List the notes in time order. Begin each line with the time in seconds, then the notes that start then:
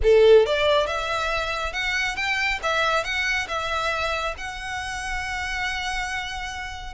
0.03 A4
0.45 D5
0.87 E5
1.72 F#5
2.16 G5
2.62 E5
3.03 F#5
3.48 E5
4.37 F#5